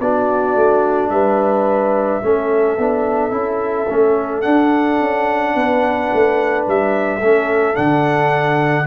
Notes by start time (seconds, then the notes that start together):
0.00 B3 D4 F#4 D5
0.55 A3
1.09 G3 B4 E5
2.23 A3 C#4 A4
2.78 B3 D4
3.31 C#4 E4
3.89 A3 C#4
4.42 D4 F#5
5.00 C#4
5.55 B3 B4
6.13 A3
6.67 G3 E5
7.20 A3 C#4 A4
7.75 D3 D4 F#5